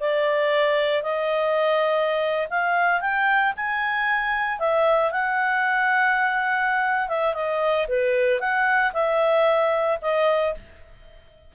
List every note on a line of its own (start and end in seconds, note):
0.00 1.03 D5
1.03 2.48 D#5
2.50 3.00 F5
3.00 3.53 G5
3.56 4.59 G#5
4.59 5.11 E5
5.11 7.08 F#5
7.08 7.34 E5
7.34 7.87 D#5
7.88 8.40 B4
8.40 8.92 F#5
8.93 9.98 E5
10.01 10.54 D#5